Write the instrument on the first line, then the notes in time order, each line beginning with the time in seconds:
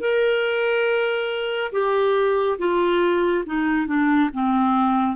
clarinet
0.00 A#4
1.72 G4
2.58 F4
3.46 D#4
3.86 D4
4.33 C4